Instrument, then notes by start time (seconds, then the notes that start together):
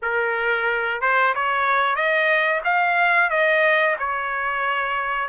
trumpet
0.02 A#4
1.01 C5
1.34 C#5
1.95 D#5
2.64 F5
3.30 D#5
3.98 C#5